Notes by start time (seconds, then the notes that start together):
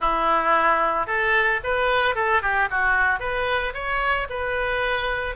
0.00 E4
1.06 A4
1.63 B4
2.15 A4
2.42 G4
2.70 F#4
3.19 B4
3.74 C#5
4.29 B4